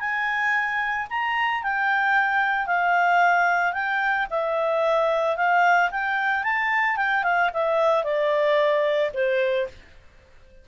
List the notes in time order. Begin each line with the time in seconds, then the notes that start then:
0.00 G#5
1.10 A#5
1.63 G5
2.67 F5
3.74 G5
4.30 E5
5.37 F5
5.91 G5
6.44 A5
6.97 G5
7.24 F5
7.54 E5
8.04 D5
9.14 C5